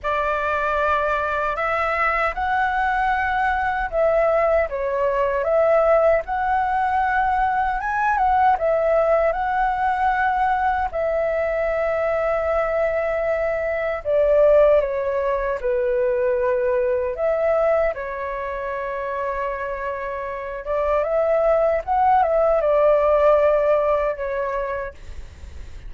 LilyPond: \new Staff \with { instrumentName = "flute" } { \time 4/4 \tempo 4 = 77 d''2 e''4 fis''4~ | fis''4 e''4 cis''4 e''4 | fis''2 gis''8 fis''8 e''4 | fis''2 e''2~ |
e''2 d''4 cis''4 | b'2 e''4 cis''4~ | cis''2~ cis''8 d''8 e''4 | fis''8 e''8 d''2 cis''4 | }